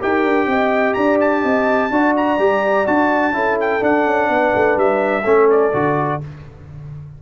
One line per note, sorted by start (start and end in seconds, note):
0.00 0.23 D#4
0.00 1.91 G4
0.00 0.48 A#4
0.00 0.93 G5
0.23 0.46 D4
0.46 0.94 C4
0.46 0.97 D#5
0.93 1.44 D4
0.93 1.42 D5
0.93 1.17 A#5
1.20 2.15 A5
1.42 1.90 C4
1.42 1.89 D#5
1.90 2.37 D4
1.90 2.38 F#4
1.90 3.34 D5
2.16 2.86 A#5
2.37 2.85 G3
2.37 2.86 G4
2.86 3.33 D4
2.86 3.33 F#4
2.86 3.58 A5
3.33 3.80 C#4
3.33 3.80 E4
3.33 4.30 A4
3.60 3.83 G5
3.80 5.23 D4
3.80 4.05 D4
3.80 4.78 F#5
4.06 4.28 C#4
4.28 4.52 B3
4.28 5.23 B4
4.55 4.76 A3
4.76 5.24 G3
4.76 5.50 E5
5.23 5.73 A3
5.23 5.72 C#4
5.23 6.18 A4
5.50 6.22 D5
5.73 6.21 D3
5.73 6.20 F#4